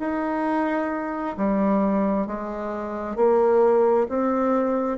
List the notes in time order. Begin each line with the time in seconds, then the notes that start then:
0.00 D#4
1.38 G3
2.27 G#3
3.17 A#3
4.09 C4